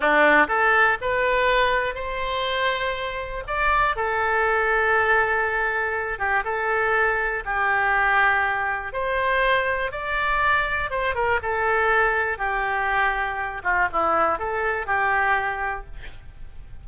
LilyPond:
\new Staff \with { instrumentName = "oboe" } { \time 4/4 \tempo 4 = 121 d'4 a'4 b'2 | c''2. d''4 | a'1~ | a'8 g'8 a'2 g'4~ |
g'2 c''2 | d''2 c''8 ais'8 a'4~ | a'4 g'2~ g'8 f'8 | e'4 a'4 g'2 | }